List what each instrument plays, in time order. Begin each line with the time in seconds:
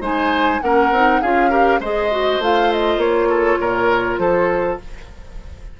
0.00 bassoon G#3, clarinet D#4, oboe C5, flute G#5
0.61 bassoon A#3, clarinet C#4, oboe A#4, flute F#5
0.91 bassoon C4, clarinet D#4
1.21 bassoon C#4, clarinet F4, oboe G#4, flute F5
1.50 clarinet G4, oboe A#4
1.79 bassoon G#3, clarinet G#4, oboe C5, flute D#5
2.11 clarinet F#4
2.38 bassoon A3, clarinet F4, flute F5
2.72 flute D#5
2.97 bassoon A#3, flute C#5
3.29 oboe A4
3.60 bassoon A#2, oboe A#4
4.18 bassoon F3, oboe A4, flute C5